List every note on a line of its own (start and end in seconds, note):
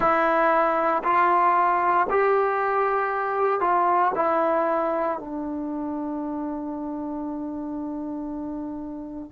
0.00 1.03 E4
1.03 2.07 F4
2.10 3.60 G4
3.60 4.11 F4
4.15 5.18 E4
5.18 9.31 D4